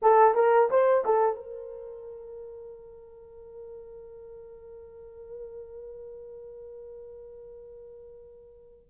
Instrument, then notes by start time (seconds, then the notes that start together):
horn
0.02 A4
0.34 A#4
0.70 C5
1.05 A4
1.35 A#4